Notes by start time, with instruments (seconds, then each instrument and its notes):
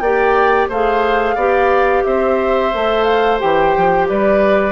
0.00 bassoon A#3, clarinet G4, oboe D5, flute G5
0.69 bassoon A3, clarinet G#4, oboe C5, flute F5
1.36 bassoon B3, clarinet G4, oboe D5
2.04 bassoon C4, oboe C5, flute E5
2.73 bassoon A3, clarinet A4
3.04 flute F5
3.40 bassoon E3, clarinet G4, flute G5
3.77 bassoon F3
4.09 bassoon G3, oboe B4, flute D5